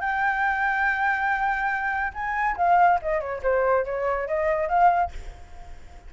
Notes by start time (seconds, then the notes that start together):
0.00 G5
2.14 G#5
2.57 F5
3.02 D#5
3.20 C#5
3.43 C5
3.85 C#5
4.27 D#5
4.68 F5